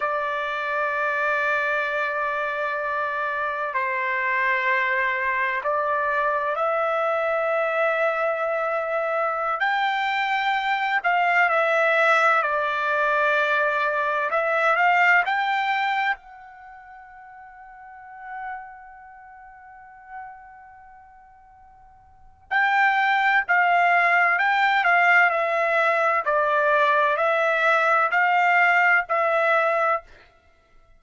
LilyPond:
\new Staff \with { instrumentName = "trumpet" } { \time 4/4 \tempo 4 = 64 d''1 | c''2 d''4 e''4~ | e''2~ e''16 g''4. f''16~ | f''16 e''4 d''2 e''8 f''16~ |
f''16 g''4 fis''2~ fis''8.~ | fis''1 | g''4 f''4 g''8 f''8 e''4 | d''4 e''4 f''4 e''4 | }